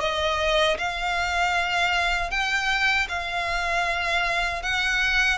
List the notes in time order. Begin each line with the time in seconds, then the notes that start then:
0.00 D#5
0.78 F5
2.30 G5
3.08 F5
4.62 F#5